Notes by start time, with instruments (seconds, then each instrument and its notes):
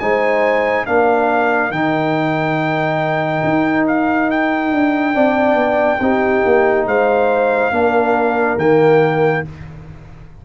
0.00 tuba G#3, trombone D#4, horn C5, trumpet G#5
0.86 tuba A#3, trombone D4, horn A#4, trumpet F5
1.71 tuba D#3, trombone D#4, trumpet G5
3.44 tuba D#4
3.88 trumpet F5
4.31 trumpet G5
4.72 tuba D4
5.14 tuba C4, trombone D4, horn D5
5.55 tuba B3
6.00 tuba C4, trombone D#4, horn G4
6.45 tuba A#3
6.87 tuba G#3, horn C5, trumpet F5
7.72 tuba A#3, trombone D4, horn A#4
8.57 tuba D#3, trombone A#3, trumpet G5